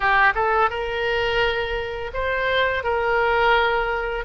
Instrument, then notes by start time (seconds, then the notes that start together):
oboe
0.00 G4
0.34 A4
0.70 A#4
2.13 C5
2.83 A#4